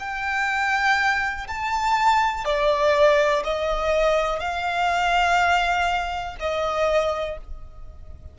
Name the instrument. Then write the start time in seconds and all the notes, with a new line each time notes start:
violin
0.00 G5
1.48 A5
2.45 D5
3.44 D#5
4.40 F5
6.40 D#5